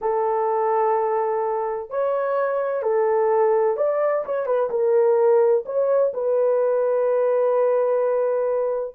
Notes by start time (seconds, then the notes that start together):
0.01 A4
1.90 C#5
2.82 A4
3.77 D5
4.25 C#5
4.46 B4
4.70 A#4
5.65 C#5
6.13 B4